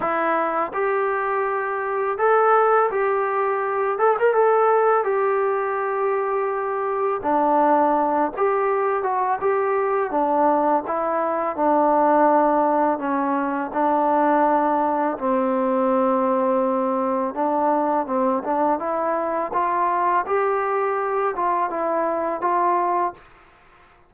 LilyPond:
\new Staff \with { instrumentName = "trombone" } { \time 4/4 \tempo 4 = 83 e'4 g'2 a'4 | g'4. a'16 ais'16 a'4 g'4~ | g'2 d'4. g'8~ | g'8 fis'8 g'4 d'4 e'4 |
d'2 cis'4 d'4~ | d'4 c'2. | d'4 c'8 d'8 e'4 f'4 | g'4. f'8 e'4 f'4 | }